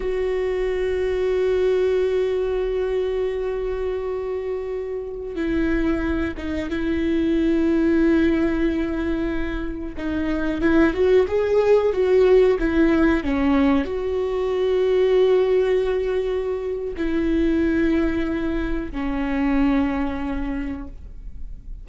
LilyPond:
\new Staff \with { instrumentName = "viola" } { \time 4/4 \tempo 4 = 92 fis'1~ | fis'1~ | fis'16 e'4. dis'8 e'4.~ e'16~ | e'2.~ e'16 dis'8.~ |
dis'16 e'8 fis'8 gis'4 fis'4 e'8.~ | e'16 cis'4 fis'2~ fis'8.~ | fis'2 e'2~ | e'4 cis'2. | }